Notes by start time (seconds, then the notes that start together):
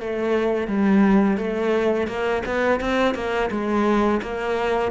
0.00 A3
0.67 G3
1.37 A3
2.07 A#3
2.46 B3
2.80 C4
3.14 A#3
3.51 G#3
4.22 A#3